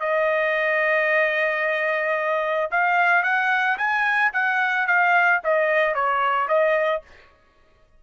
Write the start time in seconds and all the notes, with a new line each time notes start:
0.00 D#5
2.71 F5
3.23 F#5
3.78 G#5
4.33 F#5
4.87 F5
5.44 D#5
5.95 C#5
6.48 D#5